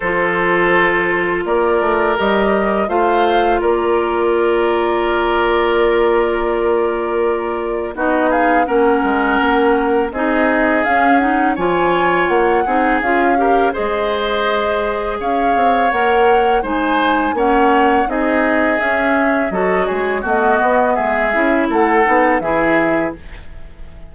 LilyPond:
<<
  \new Staff \with { instrumentName = "flute" } { \time 4/4 \tempo 4 = 83 c''2 d''4 dis''4 | f''4 d''2.~ | d''2. dis''8 f''8 | fis''2 dis''4 f''8 fis''8 |
gis''4 fis''4 f''4 dis''4~ | dis''4 f''4 fis''4 gis''4 | fis''4 dis''4 e''4 dis''8 cis''8 | dis''4 e''4 fis''4 e''4 | }
  \new Staff \with { instrumentName = "oboe" } { \time 4/4 a'2 ais'2 | c''4 ais'2.~ | ais'2. fis'8 gis'8 | ais'2 gis'2 |
cis''4. gis'4 ais'8 c''4~ | c''4 cis''2 c''4 | cis''4 gis'2 a'8 gis'8 | fis'4 gis'4 a'4 gis'4 | }
  \new Staff \with { instrumentName = "clarinet" } { \time 4/4 f'2. g'4 | f'1~ | f'2. dis'4 | cis'2 dis'4 cis'8 dis'8 |
f'4. dis'8 f'8 g'8 gis'4~ | gis'2 ais'4 dis'4 | cis'4 dis'4 cis'4 fis'4 | b4. e'4 dis'8 e'4 | }
  \new Staff \with { instrumentName = "bassoon" } { \time 4/4 f2 ais8 a8 g4 | a4 ais2.~ | ais2. b4 | ais8 gis8 ais4 c'4 cis'4 |
f4 ais8 c'8 cis'4 gis4~ | gis4 cis'8 c'8 ais4 gis4 | ais4 c'4 cis'4 fis8 gis8 | a8 b8 gis8 cis'8 a8 b8 e4 | }
>>